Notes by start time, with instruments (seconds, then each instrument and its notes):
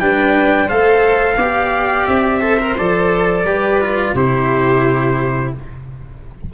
0.00 tuba G3, cello D4, viola B4, trumpet G5
0.66 tuba A3, cello A4, viola C5, trumpet F5
1.37 tuba B3, cello G4, viola D5
2.07 tuba C4, trumpet E5
2.40 cello A4, viola C5
2.59 cello A#4
2.78 tuba F3, cello A4, trumpet D5
3.44 tuba G3, cello G4, viola B4
3.81 cello F4
4.14 tuba C3, cello E4, viola G4, trumpet C5